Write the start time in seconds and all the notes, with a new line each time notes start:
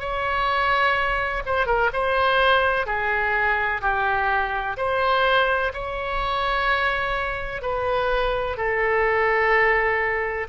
0.00 C#5
1.46 C5
1.66 A#4
1.94 C5
2.86 G#4
3.82 G4
4.77 C5
5.74 C#5
7.62 B4
8.57 A4